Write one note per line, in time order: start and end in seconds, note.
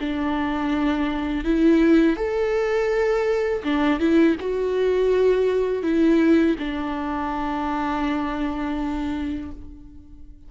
0.00 1.44 D4
1.44 2.17 E4
2.17 3.63 A4
3.64 3.99 D4
3.99 4.36 E4
4.40 5.83 F#4
5.83 6.56 E4
6.59 9.52 D4